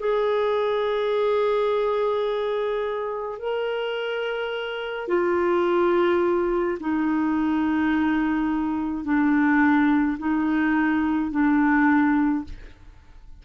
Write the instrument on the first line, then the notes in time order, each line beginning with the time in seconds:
clarinet
0.00 G#4
3.39 A#4
5.08 F4
6.80 D#4
9.05 D4
10.19 D#4
11.32 D4